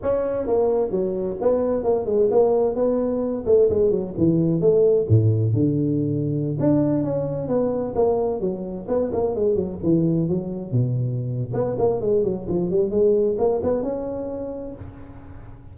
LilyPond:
\new Staff \with { instrumentName = "tuba" } { \time 4/4 \tempo 4 = 130 cis'4 ais4 fis4 b4 | ais8 gis8 ais4 b4. a8 | gis8 fis8 e4 a4 a,4 | d2~ d16 d'4 cis'8.~ |
cis'16 b4 ais4 fis4 b8 ais16~ | ais16 gis8 fis8 e4 fis4 b,8.~ | b,4 b8 ais8 gis8 fis8 f8 g8 | gis4 ais8 b8 cis'2 | }